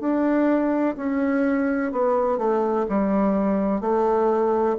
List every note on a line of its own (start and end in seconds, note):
0.00 0.95 D4
0.97 1.92 C#4
1.92 2.38 B3
2.38 2.86 A3
2.89 3.81 G3
3.81 4.76 A3